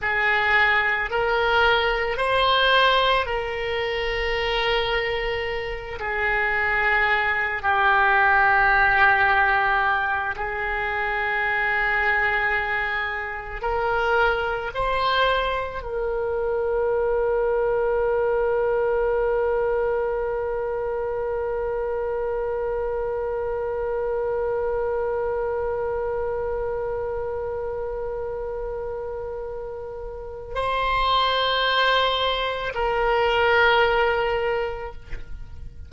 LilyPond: \new Staff \with { instrumentName = "oboe" } { \time 4/4 \tempo 4 = 55 gis'4 ais'4 c''4 ais'4~ | ais'4. gis'4. g'4~ | g'4. gis'2~ gis'8~ | gis'8 ais'4 c''4 ais'4.~ |
ais'1~ | ais'1~ | ais'1 | c''2 ais'2 | }